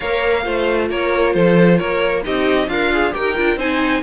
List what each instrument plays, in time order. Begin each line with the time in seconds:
0.00 cello A#3, viola A#4, violin C#5 F5
0.43 cello A3, viola F4, violin C5
0.90 cello A#3, violin A#4 C#5
1.33 cello F3, violin A4 C5
1.78 cello A#3, violin A#4 C#5
2.23 cello C4, viola D#4, violin G4 D#5
2.67 cello D4, violin F4 F5, viola A#4
2.92 viola G#4
3.12 cello D#4, viola G4, violin A#4 G5
3.36 cello D4, viola F4
3.56 cello C4, viola D#4, violin C5 G#5